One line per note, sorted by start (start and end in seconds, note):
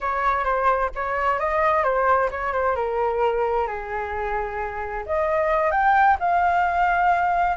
0.00 0.44 C#5
0.44 0.90 C5
0.95 1.39 C#5
1.39 1.83 D#5
1.83 2.29 C5
2.30 2.52 C#5
2.52 2.75 C5
2.75 3.67 A#4
3.67 5.04 G#4
5.06 5.71 D#5
5.71 6.17 G5
6.19 7.56 F5